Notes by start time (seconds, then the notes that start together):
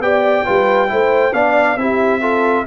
0.00 B3 G4 D5 G5
0.45 G3 F4 B4
0.88 A3 E4 C5
1.33 B3 D4 D5 F5
1.77 C4 E4 G4 E5
2.21 F4 A4